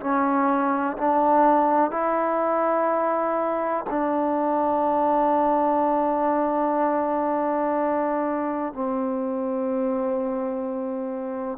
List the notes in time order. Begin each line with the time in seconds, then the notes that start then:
0.00 C#4
0.98 D4
1.91 E4
3.90 D4
8.73 C4